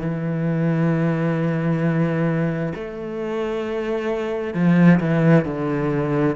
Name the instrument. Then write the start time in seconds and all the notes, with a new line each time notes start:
cello
0.00 E3
2.74 A3
4.54 F3
5.00 E3
5.45 D3